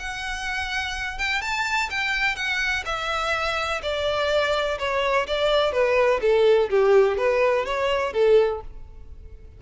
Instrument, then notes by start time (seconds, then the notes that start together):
violin
0.00 F#5
1.18 G5
1.42 A5
1.91 G5
2.36 F#5
2.86 E5
3.82 D5
4.79 C#5
5.27 D5
5.73 B4
6.22 A4
6.70 G4
7.18 B4
7.66 C#5
8.13 A4